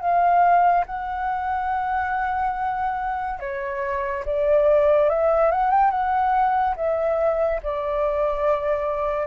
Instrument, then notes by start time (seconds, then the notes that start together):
flute
0.00 F5
0.86 F#5
3.39 C#5
4.25 D5
5.09 E5
5.51 F#5
5.70 G5
5.90 F#5
6.76 E5
7.62 D5